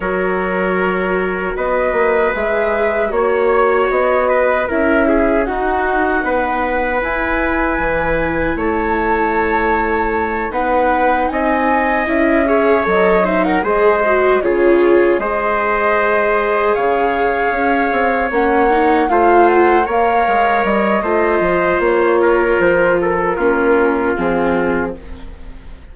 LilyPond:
<<
  \new Staff \with { instrumentName = "flute" } { \time 4/4 \tempo 4 = 77 cis''2 dis''4 e''4 | cis''4 dis''4 e''4 fis''4~ | fis''4 gis''2 a''4~ | a''4. fis''4 gis''4 e''8~ |
e''8 dis''8 e''16 fis''16 dis''4 cis''4 dis''8~ | dis''4. f''2 fis''8~ | fis''8 f''8 fis''8 f''4 dis''4. | cis''4 c''8 ais'4. gis'4 | }
  \new Staff \with { instrumentName = "trumpet" } { \time 4/4 ais'2 b'2 | cis''4. b'8 ais'8 gis'8 fis'4 | b'2. cis''4~ | cis''4. b'4 dis''4. |
cis''4 c''16 ais'16 c''4 gis'4 c''8~ | c''4. cis''2~ cis''8~ | cis''8 c''4 cis''4. c''4~ | c''8 ais'4 a'8 f'2 | }
  \new Staff \with { instrumentName = "viola" } { \time 4/4 fis'2. gis'4 | fis'2 e'4 dis'4~ | dis'4 e'2.~ | e'4. dis'2 e'8 |
gis'8 a'8 dis'8 gis'8 fis'8 f'4 gis'8~ | gis'2.~ gis'8 cis'8 | dis'8 f'4 ais'4. f'4~ | f'2 cis'4 c'4 | }
  \new Staff \with { instrumentName = "bassoon" } { \time 4/4 fis2 b8 ais8 gis4 | ais4 b4 cis'4 dis'4 | b4 e'4 e4 a4~ | a4. b4 c'4 cis'8~ |
cis'8 fis4 gis4 cis4 gis8~ | gis4. cis4 cis'8 c'8 ais8~ | ais8 a4 ais8 gis8 g8 a8 f8 | ais4 f4 ais4 f4 | }
>>